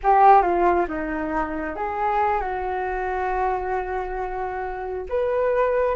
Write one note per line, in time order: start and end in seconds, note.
0.03 0.42 G4
0.42 0.86 F4
0.87 1.76 D#4
1.76 2.40 G#4
2.40 5.05 F#4
5.09 5.95 B4